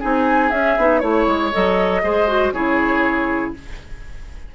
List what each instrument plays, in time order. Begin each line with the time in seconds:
0.00 bassoon C4, clarinet D#4, oboe G#4, flute G#5
0.51 bassoon C#4, clarinet C#4, flute E5
0.78 bassoon B3, clarinet D#4
0.99 bassoon A3, clarinet E4, flute C#5, oboe C#5
1.27 bassoon G#3
1.52 bassoon F#3, clarinet A4, flute D#5
2.03 bassoon G#3, clarinet G#4, oboe C5
2.28 clarinet F#4
2.52 bassoon C#3, clarinet E4, oboe G#4, flute C#5